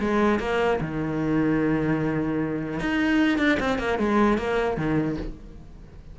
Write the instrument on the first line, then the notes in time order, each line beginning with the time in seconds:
cello
0.00 G#3
0.39 A#3
0.81 D#3
2.80 D#4
3.39 D4
3.60 C4
3.79 A#3
3.99 G#3
4.38 A#3
4.77 D#3